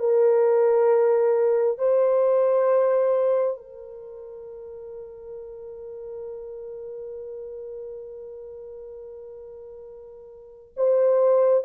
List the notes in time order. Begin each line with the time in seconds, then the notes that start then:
0.00 A#4
1.79 C5
3.57 A#4
10.77 C5